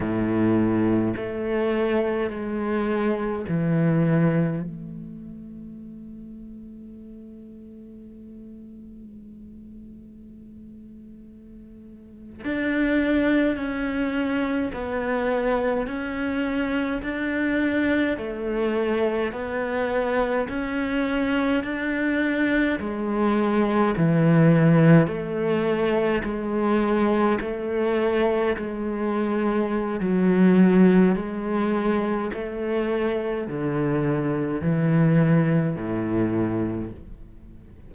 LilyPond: \new Staff \with { instrumentName = "cello" } { \time 4/4 \tempo 4 = 52 a,4 a4 gis4 e4 | a1~ | a2~ a8. d'4 cis'16~ | cis'8. b4 cis'4 d'4 a16~ |
a8. b4 cis'4 d'4 gis16~ | gis8. e4 a4 gis4 a16~ | a8. gis4~ gis16 fis4 gis4 | a4 d4 e4 a,4 | }